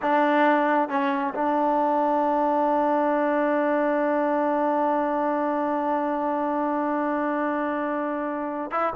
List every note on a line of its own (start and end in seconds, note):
0.02 0.89 D4
0.89 1.33 C#4
1.34 8.71 D4
8.71 8.93 E4